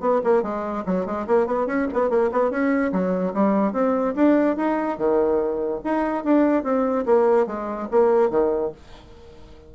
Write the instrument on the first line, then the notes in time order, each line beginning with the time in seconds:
bassoon
0.00 B3
0.24 A#3
0.43 G#3
0.86 F#3
1.06 G#3
1.27 A#3
1.47 B3
1.66 C#4
1.93 B3
2.10 A#3
2.32 B3
2.50 C#4
2.92 F#3
3.34 G3
3.73 C4
4.15 D4
4.56 D#4
4.98 D#3
5.84 D#4
6.24 D4
6.63 C4
7.06 A#3
7.47 G#3
7.91 A#3
8.30 D#3